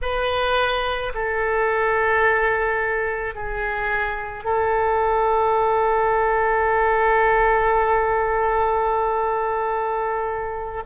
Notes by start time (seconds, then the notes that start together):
0.01 B4
1.14 A4
3.34 G#4
4.44 A4